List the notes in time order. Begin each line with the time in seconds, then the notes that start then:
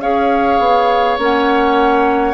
0.00 C#4 G#4 C#5 F5
0.58 B3
1.18 A#3 C#4 F#5